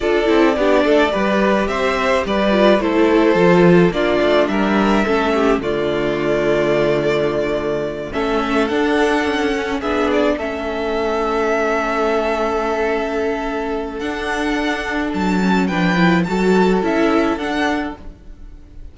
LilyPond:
<<
  \new Staff \with { instrumentName = "violin" } { \time 4/4 \tempo 4 = 107 d''2. e''4 | d''4 c''2 d''4 | e''2 d''2~ | d''2~ d''8 e''4 fis''8~ |
fis''4. e''8 d''8 e''4.~ | e''1~ | e''4 fis''2 a''4 | g''4 a''4 e''4 fis''4 | }
  \new Staff \with { instrumentName = "violin" } { \time 4/4 a'4 g'8 a'8 b'4 c''4 | b'4 a'2 f'4 | ais'4 a'8 g'8 f'2~ | f'2~ f'8 a'4.~ |
a'4. gis'4 a'4.~ | a'1~ | a'1 | b'4 a'2. | }
  \new Staff \with { instrumentName = "viola" } { \time 4/4 f'8 e'8 d'4 g'2~ | g'8 f'8 e'4 f'4 d'4~ | d'4 cis'4 a2~ | a2~ a8 cis'4 d'8~ |
d'4 cis'8 d'4 cis'4.~ | cis'1~ | cis'4 d'2~ d'8 cis'8 | d'8 e'8 fis'4 e'4 d'4 | }
  \new Staff \with { instrumentName = "cello" } { \time 4/4 d'8 c'8 b8 a8 g4 c'4 | g4 a4 f4 ais8 a8 | g4 a4 d2~ | d2~ d8 a4 d'8~ |
d'8 cis'4 b4 a4.~ | a1~ | a4 d'2 fis4 | f4 fis4 cis'4 d'4 | }
>>